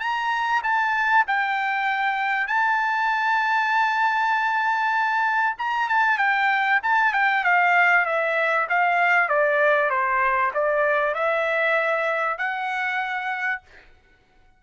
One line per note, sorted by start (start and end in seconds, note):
0.00 0.62 A#5
0.63 1.25 A5
1.27 2.47 G5
2.47 5.56 A5
5.58 5.89 A#5
5.89 6.18 A5
6.18 6.80 G5
6.83 7.13 A5
7.13 7.44 G5
7.44 8.06 F5
8.06 8.67 E5
8.69 9.29 F5
9.29 9.90 D5
9.90 10.52 C5
10.54 11.14 D5
11.14 12.38 E5
12.38 13.61 F#5